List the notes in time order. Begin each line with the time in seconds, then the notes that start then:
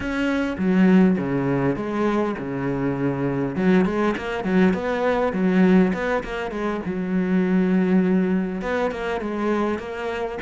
0.00 C#4
0.58 F#3
1.18 C#3
1.76 G#3
2.38 C#3
3.55 F#3
3.85 G#3
4.17 A#3
4.43 F#3
4.73 B3
5.32 F#3
5.93 B3
6.23 A#3
6.51 G#3
6.85 F#3
8.61 B3
8.91 A#3
9.20 G#3
9.79 A#3